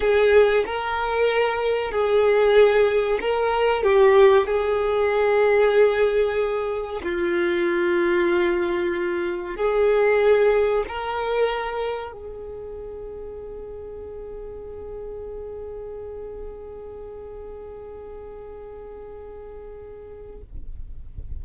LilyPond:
\new Staff \with { instrumentName = "violin" } { \time 4/4 \tempo 4 = 94 gis'4 ais'2 gis'4~ | gis'4 ais'4 g'4 gis'4~ | gis'2. f'4~ | f'2. gis'4~ |
gis'4 ais'2 gis'4~ | gis'1~ | gis'1~ | gis'1 | }